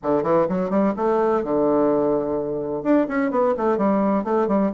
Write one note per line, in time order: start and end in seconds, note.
0.03 0.23 D3
0.23 0.47 E3
0.49 0.70 F#3
0.70 0.93 G3
0.96 1.43 A3
1.43 2.83 D3
2.83 3.06 D4
3.08 3.30 C#4
3.30 3.54 B3
3.57 3.77 A3
3.77 4.23 G3
4.23 4.47 A3
4.47 4.71 G3